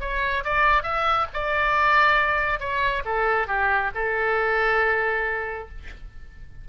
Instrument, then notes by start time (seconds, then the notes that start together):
oboe
0.00 C#5
0.44 D5
0.83 E5
1.33 D5
2.59 C#5
3.05 A4
3.47 G4
3.94 A4